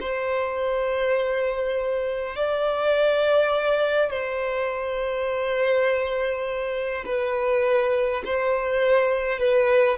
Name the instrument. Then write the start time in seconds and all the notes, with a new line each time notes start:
violin
0.00 C5
2.36 D5
4.10 C5
7.05 B4
8.25 C5
9.39 B4